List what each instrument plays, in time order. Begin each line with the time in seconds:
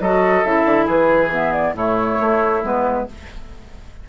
0.00 bassoon F#3, clarinet F#4, oboe A4, flute D#5
0.44 bassoon C#3, clarinet E4, flute E5
0.65 bassoon D3
0.86 bassoon E3, oboe G#4, flute B4
1.30 clarinet B3, flute E5
1.53 flute D5
1.73 bassoon A2, clarinet A3, oboe E4, flute C#5
2.20 bassoon A3
2.63 bassoon G#3, clarinet B3, flute B4